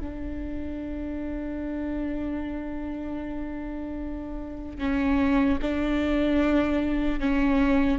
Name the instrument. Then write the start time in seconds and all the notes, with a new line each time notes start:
viola
0.00 D4
4.78 C#4
5.61 D4
7.19 C#4